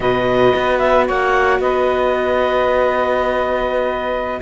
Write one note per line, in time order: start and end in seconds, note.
0.00 0.53 B2
0.00 4.41 F#4
0.00 1.06 B4
0.00 0.78 D#5
0.55 1.09 B3
0.78 1.05 E5
1.06 1.59 A#3
1.06 1.59 C#5
1.06 1.60 F#5
1.59 4.40 B3
1.59 4.41 B4
1.59 4.41 D#5